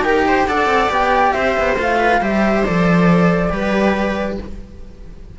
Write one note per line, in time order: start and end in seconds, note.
0.00 0.43 D#4
0.00 0.48 G4
0.00 0.25 A#4
0.00 0.46 G5
0.27 0.48 C5
0.46 0.66 D4
0.46 0.89 A4
0.46 1.34 D5
0.46 0.90 F#5
0.66 0.87 C4
0.89 1.33 B3
0.89 1.76 G4
0.89 1.32 G5
1.32 1.56 C4
1.32 1.98 C5
1.32 1.75 E5
1.58 1.77 B3
1.77 2.20 A3
1.77 2.20 F4
1.77 2.23 F5
1.98 2.20 B4
2.20 2.64 G3
2.20 2.64 G4
2.20 3.51 C5
2.20 2.64 E5
2.64 3.51 F3
2.64 3.50 A4
2.64 4.38 D5
3.50 4.37 G3
3.50 4.37 G4
3.50 4.39 B4